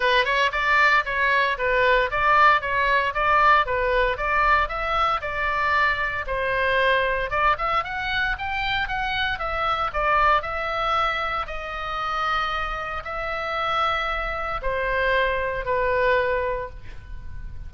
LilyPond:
\new Staff \with { instrumentName = "oboe" } { \time 4/4 \tempo 4 = 115 b'8 cis''8 d''4 cis''4 b'4 | d''4 cis''4 d''4 b'4 | d''4 e''4 d''2 | c''2 d''8 e''8 fis''4 |
g''4 fis''4 e''4 d''4 | e''2 dis''2~ | dis''4 e''2. | c''2 b'2 | }